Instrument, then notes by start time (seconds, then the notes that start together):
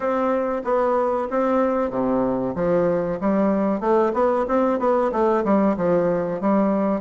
bassoon
0.00 C4
0.64 B3
1.30 C4
1.90 C3
2.55 F3
3.20 G3
3.80 A3
4.13 B3
4.48 C4
4.79 B3
5.12 A3
5.44 G3
5.76 F3
6.40 G3